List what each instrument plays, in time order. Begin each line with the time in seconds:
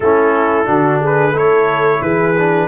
0.00 tuba A3, trombone C#4, horn E4, trumpet A4
0.65 tuba D3, trombone D4, horn F#4
1.00 horn G#4, trumpet B4
1.31 tuba A3, trombone E4, horn A4
1.37 trumpet C#5
2.01 tuba E3, horn G#4, trumpet B4
2.38 trombone D4